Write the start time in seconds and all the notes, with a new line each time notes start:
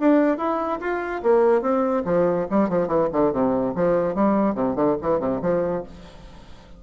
0.00 D4
0.38 E4
0.81 F4
1.23 A#3
1.62 C4
2.05 F3
2.50 G3
2.69 F3
2.87 E3
3.12 D3
3.32 C3
3.75 F3
4.15 G3
4.55 C3
4.76 D3
5.02 E3
5.20 C3
5.41 F3